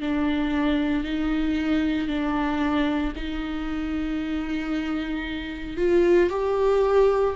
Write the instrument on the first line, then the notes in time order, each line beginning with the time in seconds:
viola
0.00 D4
1.04 D#4
2.08 D4
3.16 D#4
5.77 F4
6.30 G4